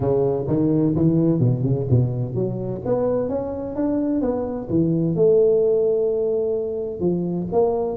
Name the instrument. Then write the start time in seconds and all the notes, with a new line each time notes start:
tuba
0.00 C#3
0.47 D#3
0.95 E3
1.39 B2
1.63 C#3
1.89 B2
2.34 F#3
2.85 B3
3.29 C#4
3.75 D4
4.21 B3
4.69 E3
5.15 A3
7.00 F3
7.51 A#3